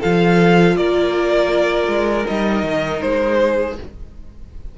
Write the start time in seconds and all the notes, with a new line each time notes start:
0.00 F3 F4 A4 F5
0.76 A#3 A#4 D5
1.87 G#3
2.25 G3 D#4 D#5
2.63 D#3
3.01 G#3 C5
3.40 G#4